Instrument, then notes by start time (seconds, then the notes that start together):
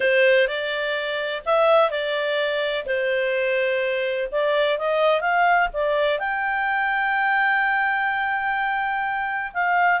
clarinet
0.00 C5
0.47 D5
1.45 E5
1.90 D5
2.85 C5
4.31 D5
4.78 D#5
5.21 F5
5.73 D5
6.19 G5
9.53 F5